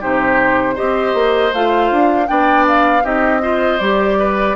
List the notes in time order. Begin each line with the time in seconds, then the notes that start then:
0.00 C3 D#4 G4 C5
0.75 C4 G4 C5 D#5
1.14 A#3
1.53 A3 F4 F5
1.90 D4
2.26 B3 D4 D5 G5
2.67 F5
3.02 C4 D#4 G4 D#5
3.41 F4 C5
3.79 G3 G4 D5
4.18 B4